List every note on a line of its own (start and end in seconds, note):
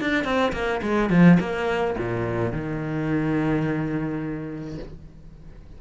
0.00 0.24 D4
0.24 0.52 C4
0.52 0.81 A#3
0.82 1.10 G#3
1.10 1.38 F3
1.39 1.96 A#3
1.97 2.52 A#2
2.52 4.78 D#3